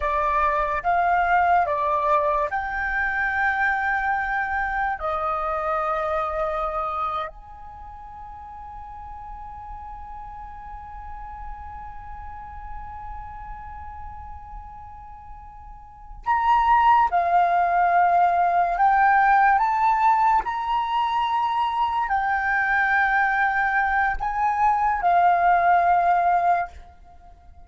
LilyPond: \new Staff \with { instrumentName = "flute" } { \time 4/4 \tempo 4 = 72 d''4 f''4 d''4 g''4~ | g''2 dis''2~ | dis''8. gis''2.~ gis''16~ | gis''1~ |
gis''2.~ gis''8 ais''8~ | ais''8 f''2 g''4 a''8~ | a''8 ais''2 g''4.~ | g''4 gis''4 f''2 | }